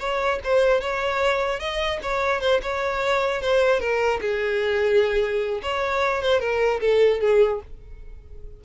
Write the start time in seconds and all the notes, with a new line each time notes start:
0.00 C#5
0.44 C5
0.81 C#5
1.60 D#5
2.03 C#5
2.41 C5
2.63 C#5
3.42 C5
3.81 A#4
4.22 G#4
5.63 C#5
6.23 C5
6.41 A#4
6.81 A4
7.21 G#4